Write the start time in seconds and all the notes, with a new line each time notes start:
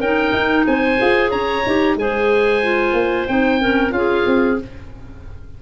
0.00 C#4 D#4 A#4 G5
0.33 D#4
0.67 C4 C5 G#5
0.98 F4 G#4
1.31 C#4 C#5 A#5
1.67 D#4 G4
1.96 G#3 G#4 C5 G#5
2.63 F4
2.93 A#3
3.28 C4 D#4 G5
3.60 C#4 A#4
3.91 C#4 F4 F5
3.97 G#4
4.26 C4